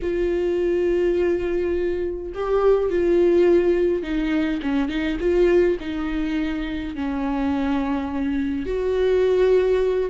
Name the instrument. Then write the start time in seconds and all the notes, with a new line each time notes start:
viola
0.02 F4
2.34 G4
2.90 F4
4.02 D#4
4.62 C#4
4.88 D#4
5.19 F4
5.80 D#4
6.95 C#4
8.66 F#4